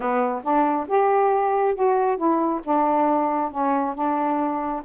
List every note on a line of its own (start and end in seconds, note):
0.00 0.42 B3
0.43 0.87 D4
0.88 1.74 G4
1.74 2.17 F#4
2.17 2.60 E4
2.64 3.51 D4
3.51 3.94 C#4
3.94 4.82 D4